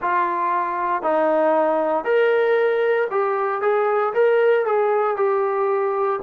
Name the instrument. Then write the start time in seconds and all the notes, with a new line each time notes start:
trombone
0.01 F4
1.02 D#4
2.04 A#4
3.10 G4
3.61 G#4
4.13 A#4
4.66 G#4
5.16 G4